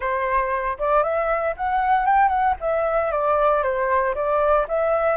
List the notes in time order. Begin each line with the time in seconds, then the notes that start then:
0.00 C5
0.79 D5
1.03 E5
1.56 F#5
2.06 G5
2.28 F#5
2.60 E5
3.11 D5
3.62 C5
4.14 D5
4.68 E5